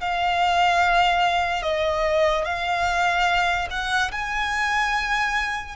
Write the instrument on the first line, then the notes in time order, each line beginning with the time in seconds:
violin
0.00 F5
1.63 D#5
2.45 F5
3.70 F#5
4.12 G#5